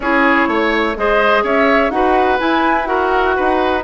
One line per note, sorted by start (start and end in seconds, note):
0.00 0.47 C#4
0.00 0.96 E4
0.00 0.48 G#4
0.00 0.93 C#5
0.47 0.95 A3
0.47 0.96 C#5
0.96 1.43 G#3
0.96 1.91 G#4
0.96 1.43 C5
0.96 1.44 D#5
1.43 1.89 C#4
1.43 1.91 C#5
1.43 1.90 E5
1.89 2.37 D#4
1.89 2.39 F#4
1.89 2.88 B4
1.89 2.38 F#5
2.39 2.85 E4
2.39 3.37 E4
2.39 2.85 G#5
2.85 3.81 F#4
2.85 3.36 A#4
2.85 3.81 F#5
3.36 3.83 D#4
3.36 3.83 B4